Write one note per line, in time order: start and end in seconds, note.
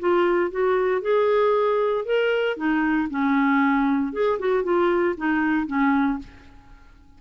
0.00 0.51 F4
0.51 1.02 F#4
1.02 2.05 G#4
2.05 2.57 A#4
2.57 3.09 D#4
3.10 4.13 C#4
4.13 4.39 G#4
4.39 4.64 F#4
4.64 5.15 F4
5.17 5.67 D#4
5.67 6.19 C#4